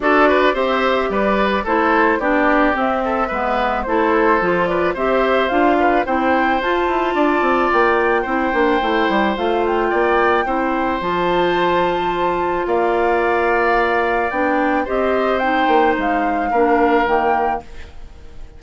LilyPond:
<<
  \new Staff \with { instrumentName = "flute" } { \time 4/4 \tempo 4 = 109 d''4 e''4 d''4 c''4 | d''4 e''2 c''4~ | c''8 d''8 e''4 f''4 g''4 | a''2 g''2~ |
g''4 f''8 g''2~ g''8 | a''2. f''4~ | f''2 g''4 dis''4 | g''4 f''2 g''4 | }
  \new Staff \with { instrumentName = "oboe" } { \time 4/4 a'8 b'8 c''4 b'4 a'4 | g'4. a'8 b'4 a'4~ | a'8 b'8 c''4. b'8 c''4~ | c''4 d''2 c''4~ |
c''2 d''4 c''4~ | c''2. d''4~ | d''2. c''4~ | c''2 ais'2 | }
  \new Staff \with { instrumentName = "clarinet" } { \time 4/4 fis'4 g'2 e'4 | d'4 c'4 b4 e'4 | f'4 g'4 f'4 e'4 | f'2. e'8 d'8 |
e'4 f'2 e'4 | f'1~ | f'2 d'4 g'4 | dis'2 d'4 ais4 | }
  \new Staff \with { instrumentName = "bassoon" } { \time 4/4 d'4 c'4 g4 a4 | b4 c'4 gis4 a4 | f4 c'4 d'4 c'4 | f'8 e'8 d'8 c'8 ais4 c'8 ais8 |
a8 g8 a4 ais4 c'4 | f2. ais4~ | ais2 b4 c'4~ | c'8 ais8 gis4 ais4 dis4 | }
>>